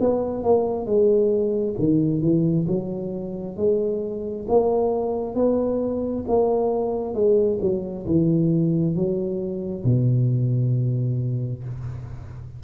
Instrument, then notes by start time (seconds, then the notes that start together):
tuba
0.00 B3
0.44 A#3
0.86 G#3
1.79 D#3
2.21 E3
2.68 F#3
3.57 G#3
4.49 A#3
5.35 B3
6.28 A#3
7.14 G#3
7.61 F#3
8.07 E3
8.96 F#3
9.84 B2